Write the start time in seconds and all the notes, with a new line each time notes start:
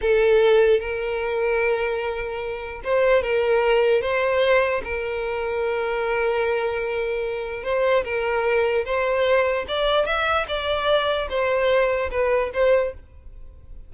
0.01 A4
0.80 A#4
2.84 C5
3.22 A#4
4.01 C5
4.84 A#4
7.63 C5
8.04 A#4
8.85 C5
9.68 D5
10.05 E5
10.48 D5
11.29 C5
12.10 B4
12.53 C5